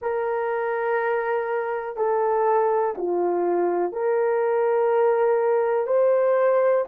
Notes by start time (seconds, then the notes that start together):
0.01 A#4
1.96 A4
2.97 F4
3.92 A#4
5.87 C5